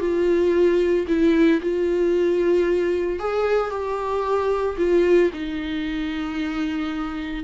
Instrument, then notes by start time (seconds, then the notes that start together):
viola
0.00 F4
1.08 E4
1.61 F4
3.19 G#4
3.70 G4
4.78 F4
5.33 D#4